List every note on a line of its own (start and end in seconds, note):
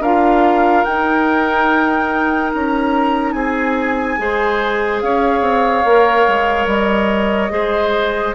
0.00 0.83 D4
0.00 0.87 F4
0.00 3.34 A#4
0.00 0.85 F5
0.85 4.18 D#4
0.85 2.54 D#4
0.85 2.51 G5
2.54 3.34 C#4
2.54 3.33 A#5
3.33 4.17 C4
3.33 4.19 G#4
3.33 4.99 G#5
4.18 5.02 G#3
4.18 5.85 G#4
4.18 5.04 C5
5.02 5.41 C#4
5.02 7.53 C#5
5.02 6.68 F5
5.41 5.83 C4
5.84 6.26 A#3
5.84 7.50 A#4
6.28 6.66 G#3
6.66 7.50 G3
6.66 8.35 D#5
7.50 8.35 G#3
7.50 8.33 G#4
7.50 8.35 C5